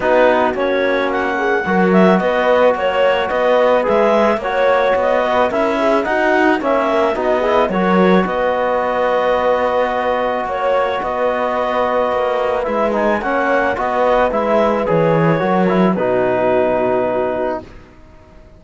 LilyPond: <<
  \new Staff \with { instrumentName = "clarinet" } { \time 4/4 \tempo 4 = 109 b'4 cis''4 fis''4. e''8 | dis''4 cis''4 dis''4 e''4 | cis''4 dis''4 e''4 fis''4 | e''4 dis''4 cis''4 dis''4~ |
dis''2. cis''4 | dis''2. e''8 gis''8 | fis''4 dis''4 e''4 cis''4~ | cis''4 b'2. | }
  \new Staff \with { instrumentName = "horn" } { \time 4/4 fis'2~ fis'8 gis'8 ais'4 | b'4 cis''4 b'2 | cis''4. b'8 ais'8 gis'8 fis'4 | cis''8 ais'8 fis'8 gis'8 ais'4 b'4~ |
b'2. cis''4 | b'1 | cis''4 b'2. | ais'4 fis'2. | }
  \new Staff \with { instrumentName = "trombone" } { \time 4/4 dis'4 cis'2 fis'4~ | fis'2. gis'4 | fis'2 e'4 dis'4 | cis'4 dis'8 e'8 fis'2~ |
fis'1~ | fis'2. e'8 dis'8 | cis'4 fis'4 e'4 gis'4 | fis'8 e'8 dis'2. | }
  \new Staff \with { instrumentName = "cello" } { \time 4/4 b4 ais2 fis4 | b4 ais4 b4 gis4 | ais4 b4 cis'4 dis'4 | ais4 b4 fis4 b4~ |
b2. ais4 | b2 ais4 gis4 | ais4 b4 gis4 e4 | fis4 b,2. | }
>>